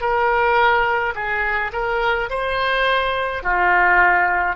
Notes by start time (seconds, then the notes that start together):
0.00 A#4
1.15 G#4
1.72 A#4
2.30 C5
3.43 F4